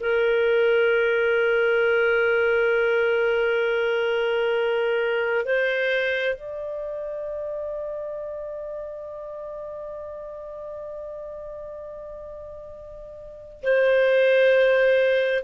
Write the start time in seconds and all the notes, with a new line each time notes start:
0.00 A#4
5.45 C5
6.34 D5
13.62 C5